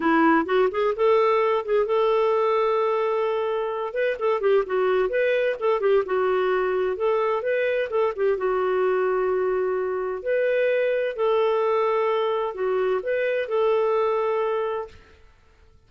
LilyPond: \new Staff \with { instrumentName = "clarinet" } { \time 4/4 \tempo 4 = 129 e'4 fis'8 gis'8 a'4. gis'8 | a'1~ | a'8 b'8 a'8 g'8 fis'4 b'4 | a'8 g'8 fis'2 a'4 |
b'4 a'8 g'8 fis'2~ | fis'2 b'2 | a'2. fis'4 | b'4 a'2. | }